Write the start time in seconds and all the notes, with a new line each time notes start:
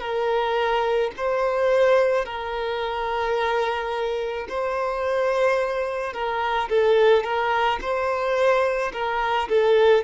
0.00 A#4
1.17 C5
2.25 A#4
4.48 C5
6.13 A#4
6.69 A4
7.23 A#4
7.81 C5
8.92 A#4
9.48 A4